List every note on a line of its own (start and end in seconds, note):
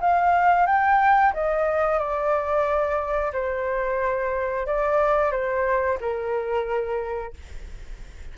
0.00 0.66 F5
0.66 1.32 G5
1.33 1.98 D#5
1.98 3.32 D5
3.32 4.66 C5
4.66 5.31 D5
5.31 5.98 C5
6.00 7.33 A#4